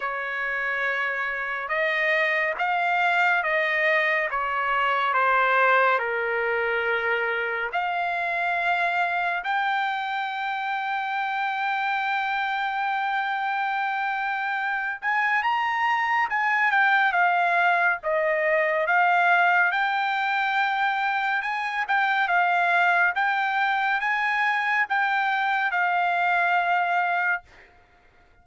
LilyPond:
\new Staff \with { instrumentName = "trumpet" } { \time 4/4 \tempo 4 = 70 cis''2 dis''4 f''4 | dis''4 cis''4 c''4 ais'4~ | ais'4 f''2 g''4~ | g''1~ |
g''4. gis''8 ais''4 gis''8 g''8 | f''4 dis''4 f''4 g''4~ | g''4 gis''8 g''8 f''4 g''4 | gis''4 g''4 f''2 | }